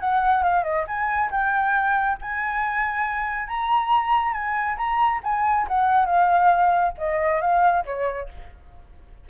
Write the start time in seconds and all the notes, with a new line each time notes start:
0.00 F#5
0.43 F5
0.63 D#5
0.87 G#5
1.31 G5
2.21 G#5
3.47 A#5
4.33 G#5
4.76 A#5
5.23 G#5
5.67 F#5
6.05 F5
6.97 D#5
7.41 F5
7.85 C#5